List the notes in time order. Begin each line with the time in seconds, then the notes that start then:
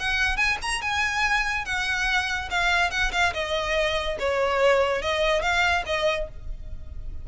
0.00 F#5
0.37 G#5
0.62 A#5
0.82 G#5
1.66 F#5
2.51 F5
2.91 F#5
3.13 F5
3.34 D#5
4.19 C#5
5.02 D#5
5.42 F5
5.86 D#5